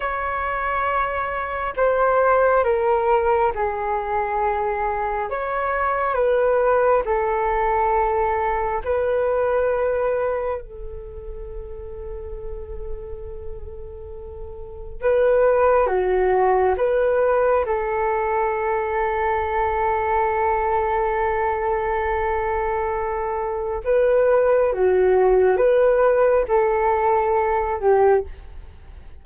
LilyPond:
\new Staff \with { instrumentName = "flute" } { \time 4/4 \tempo 4 = 68 cis''2 c''4 ais'4 | gis'2 cis''4 b'4 | a'2 b'2 | a'1~ |
a'4 b'4 fis'4 b'4 | a'1~ | a'2. b'4 | fis'4 b'4 a'4. g'8 | }